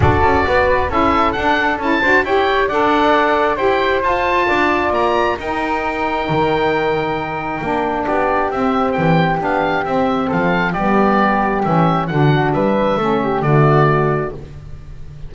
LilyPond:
<<
  \new Staff \with { instrumentName = "oboe" } { \time 4/4 \tempo 4 = 134 d''2 e''4 fis''4 | a''4 g''4 fis''2 | g''4 a''2 ais''4 | g''1~ |
g''2 d''4 e''4 | g''4 f''4 e''4 f''4 | d''2 e''4 fis''4 | e''2 d''2 | }
  \new Staff \with { instrumentName = "flute" } { \time 4/4 a'4 b'4 a'2~ | a'8 c''8 cis''4 d''2 | c''2 d''2 | ais'1~ |
ais'2 g'2~ | g'2. a'4 | g'2. fis'4 | b'4 a'8 g'8 fis'2 | }
  \new Staff \with { instrumentName = "saxophone" } { \time 4/4 fis'2 e'4 d'4 | e'8 fis'8 g'4 a'2 | g'4 f'2. | dis'1~ |
dis'4 d'2 c'4~ | c'4 d'4 c'2 | b2 cis'4 d'4~ | d'4 cis'4 a2 | }
  \new Staff \with { instrumentName = "double bass" } { \time 4/4 d'8 cis'8 b4 cis'4 d'4 | cis'8 d'8 e'4 d'2 | e'4 f'4 d'4 ais4 | dis'2 dis2~ |
dis4 ais4 b4 c'4 | e4 b4 c'4 f4 | g2 e4 d4 | g4 a4 d2 | }
>>